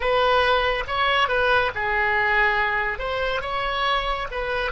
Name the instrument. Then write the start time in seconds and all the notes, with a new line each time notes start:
oboe
0.00 B4
0.87 C#5
1.28 B4
1.74 G#4
2.99 C5
3.41 C#5
4.31 B4